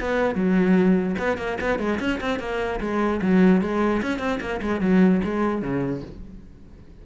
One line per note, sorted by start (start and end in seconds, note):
0.00 0.35 B3
0.35 1.15 F#3
1.19 1.37 B3
1.37 1.58 A#3
1.60 1.79 B3
1.79 1.99 G#3
2.00 2.20 C#4
2.21 2.39 C4
2.39 2.79 A#3
2.80 3.20 G#3
3.21 3.61 F#3
3.61 4.01 G#3
4.02 4.19 C#4
4.19 4.39 C4
4.41 4.61 A#3
4.62 4.80 G#3
4.80 5.21 F#3
5.24 5.62 G#3
5.62 6.02 C#3